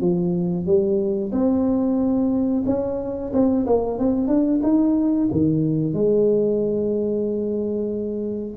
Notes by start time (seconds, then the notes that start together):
0.00 F3
0.66 G3
1.32 C4
2.66 C#4
3.33 C4
3.66 A#3
3.99 C4
4.27 D4
4.63 D#4
5.31 D#3
5.93 G#3